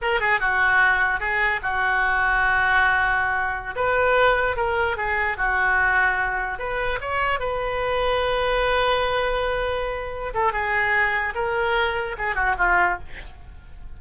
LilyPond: \new Staff \with { instrumentName = "oboe" } { \time 4/4 \tempo 4 = 148 ais'8 gis'8 fis'2 gis'4 | fis'1~ | fis'4~ fis'16 b'2 ais'8.~ | ais'16 gis'4 fis'2~ fis'8.~ |
fis'16 b'4 cis''4 b'4.~ b'16~ | b'1~ | b'4. a'8 gis'2 | ais'2 gis'8 fis'8 f'4 | }